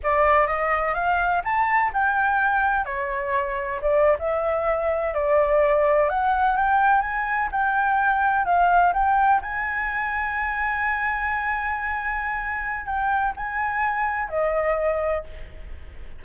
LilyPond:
\new Staff \with { instrumentName = "flute" } { \time 4/4 \tempo 4 = 126 d''4 dis''4 f''4 a''4 | g''2 cis''2 | d''8. e''2 d''4~ d''16~ | d''8. fis''4 g''4 gis''4 g''16~ |
g''4.~ g''16 f''4 g''4 gis''16~ | gis''1~ | gis''2. g''4 | gis''2 dis''2 | }